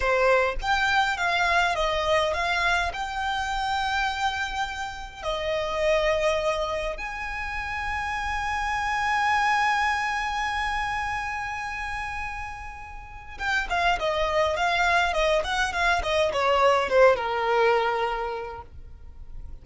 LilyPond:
\new Staff \with { instrumentName = "violin" } { \time 4/4 \tempo 4 = 103 c''4 g''4 f''4 dis''4 | f''4 g''2.~ | g''4 dis''2. | gis''1~ |
gis''1~ | gis''2. g''8 f''8 | dis''4 f''4 dis''8 fis''8 f''8 dis''8 | cis''4 c''8 ais'2~ ais'8 | }